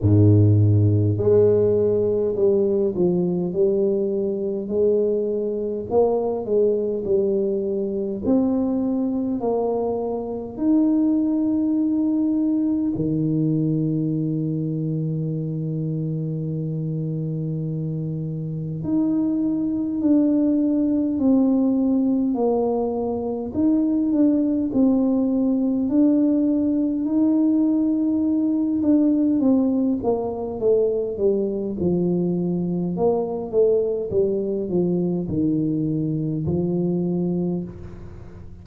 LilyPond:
\new Staff \with { instrumentName = "tuba" } { \time 4/4 \tempo 4 = 51 gis,4 gis4 g8 f8 g4 | gis4 ais8 gis8 g4 c'4 | ais4 dis'2 dis4~ | dis1 |
dis'4 d'4 c'4 ais4 | dis'8 d'8 c'4 d'4 dis'4~ | dis'8 d'8 c'8 ais8 a8 g8 f4 | ais8 a8 g8 f8 dis4 f4 | }